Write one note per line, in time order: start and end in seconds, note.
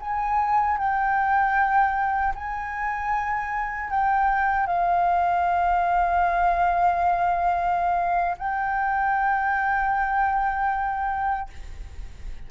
0.00 0.78 G#5
0.78 2.33 G5
2.35 3.90 G#5
3.90 4.66 G5
4.66 8.37 F5
8.38 11.49 G5